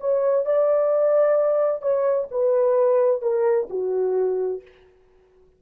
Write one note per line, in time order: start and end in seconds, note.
0.00 0.45 C#5
0.45 1.82 D5
1.82 2.28 C#5
2.31 3.22 B4
3.22 3.68 A#4
3.69 4.62 F#4